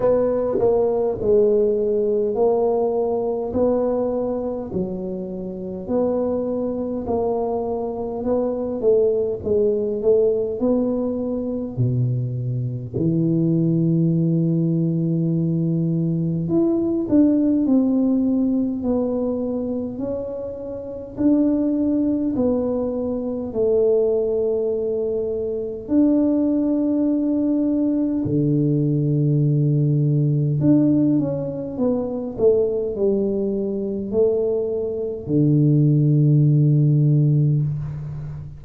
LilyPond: \new Staff \with { instrumentName = "tuba" } { \time 4/4 \tempo 4 = 51 b8 ais8 gis4 ais4 b4 | fis4 b4 ais4 b8 a8 | gis8 a8 b4 b,4 e4~ | e2 e'8 d'8 c'4 |
b4 cis'4 d'4 b4 | a2 d'2 | d2 d'8 cis'8 b8 a8 | g4 a4 d2 | }